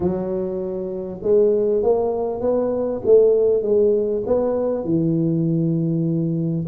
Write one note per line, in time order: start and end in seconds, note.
0.00 1.20 F#3
1.22 1.82 G#3
1.82 2.40 A#3
2.40 3.01 B3
3.05 3.62 A3
3.62 4.23 G#3
4.26 4.84 B3
4.84 6.66 E3